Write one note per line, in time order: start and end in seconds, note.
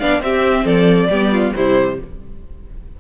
0.00 0.21 B3
0.00 0.22 D4
0.00 0.22 D5
0.00 0.22 F5
0.21 0.65 C4
0.21 1.10 C4
0.21 0.65 G4
0.21 0.67 E5
0.65 1.09 F3
0.65 1.09 A4
0.65 1.54 D5
1.10 1.54 G3
1.10 1.56 B3
1.10 1.32 G4
1.33 1.54 F4
1.56 2.01 C3
1.56 2.00 G3
1.56 2.00 E4
1.56 2.00 C5